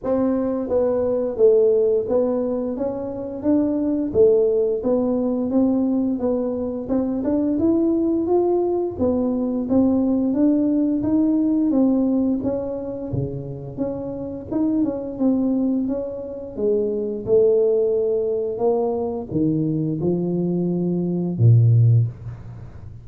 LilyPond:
\new Staff \with { instrumentName = "tuba" } { \time 4/4 \tempo 4 = 87 c'4 b4 a4 b4 | cis'4 d'4 a4 b4 | c'4 b4 c'8 d'8 e'4 | f'4 b4 c'4 d'4 |
dis'4 c'4 cis'4 cis4 | cis'4 dis'8 cis'8 c'4 cis'4 | gis4 a2 ais4 | dis4 f2 ais,4 | }